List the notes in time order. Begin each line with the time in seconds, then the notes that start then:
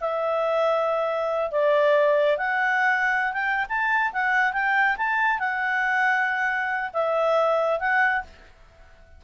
0.00 E5
1.51 D5
2.37 F#5
3.33 G5
3.68 A5
4.12 F#5
4.53 G5
4.97 A5
5.39 F#5
6.93 E5
7.79 F#5